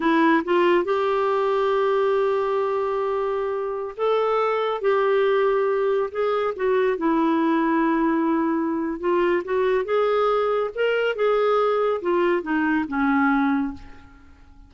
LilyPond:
\new Staff \with { instrumentName = "clarinet" } { \time 4/4 \tempo 4 = 140 e'4 f'4 g'2~ | g'1~ | g'4~ g'16 a'2 g'8.~ | g'2~ g'16 gis'4 fis'8.~ |
fis'16 e'2.~ e'8.~ | e'4 f'4 fis'4 gis'4~ | gis'4 ais'4 gis'2 | f'4 dis'4 cis'2 | }